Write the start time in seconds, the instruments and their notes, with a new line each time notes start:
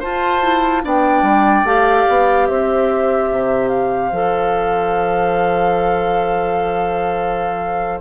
0.00 clarinet F4, bassoon F4, oboe C5, flute A5
0.43 clarinet E4
0.84 bassoon B3, clarinet D4, oboe D5, flute G5
1.22 bassoon G3
1.64 bassoon A3, clarinet G4, flute F5
2.09 bassoon B3
2.47 bassoon C4, oboe C5, flute E5
3.32 bassoon C3
3.69 flute F5
4.12 bassoon F3, clarinet A4